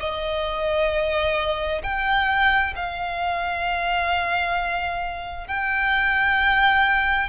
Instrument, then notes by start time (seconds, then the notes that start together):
violin
0.00 D#5
1.83 G5
2.76 F5
5.47 G5